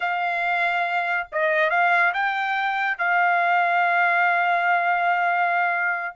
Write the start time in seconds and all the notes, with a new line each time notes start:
0.00 F5
1.32 D#5
1.70 F5
2.13 G5
2.97 F5